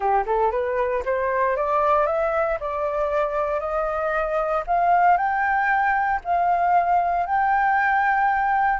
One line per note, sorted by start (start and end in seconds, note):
0.00 0.24 G4
0.26 0.51 A4
0.51 1.03 B4
1.05 1.56 C5
1.56 2.06 D5
2.06 2.58 E5
2.60 3.60 D5
3.60 4.63 D#5
4.66 5.17 F5
5.17 6.20 G5
6.24 7.26 F5
7.26 8.79 G5